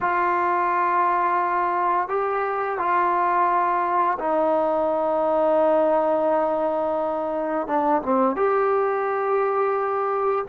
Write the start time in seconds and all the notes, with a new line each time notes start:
0.00 F4
2.08 G4
2.78 F4
4.19 D#4
7.67 D4
8.02 C4
8.36 G4